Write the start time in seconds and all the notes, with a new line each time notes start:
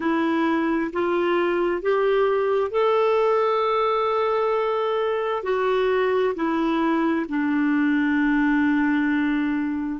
0.00 E4
0.92 F4
1.81 G4
2.70 A4
5.43 F#4
6.35 E4
7.29 D4